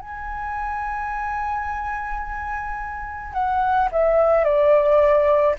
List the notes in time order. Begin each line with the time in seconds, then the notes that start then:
0.00 G#5
3.33 F#5
3.92 E5
4.44 D5